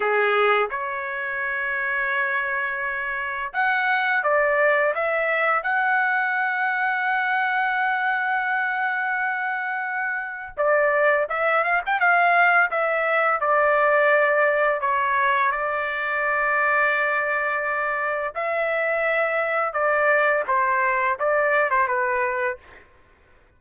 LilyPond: \new Staff \with { instrumentName = "trumpet" } { \time 4/4 \tempo 4 = 85 gis'4 cis''2.~ | cis''4 fis''4 d''4 e''4 | fis''1~ | fis''2. d''4 |
e''8 f''16 g''16 f''4 e''4 d''4~ | d''4 cis''4 d''2~ | d''2 e''2 | d''4 c''4 d''8. c''16 b'4 | }